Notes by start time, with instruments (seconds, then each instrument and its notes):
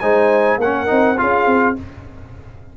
0.00 tuba G#3, trombone D#4, horn C5, trumpet G#5
0.58 tuba A#3, trombone C#4, horn A#4, trumpet F#5
0.87 tuba C4, trombone D#4
1.17 tuba C#4, trombone F4, horn G#4, trumpet F5
1.46 tuba C4